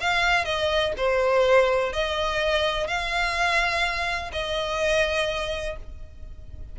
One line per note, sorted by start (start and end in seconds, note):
0.00 0.45 F5
0.45 0.93 D#5
0.97 1.92 C5
1.92 2.87 D#5
2.87 4.31 F5
4.32 5.76 D#5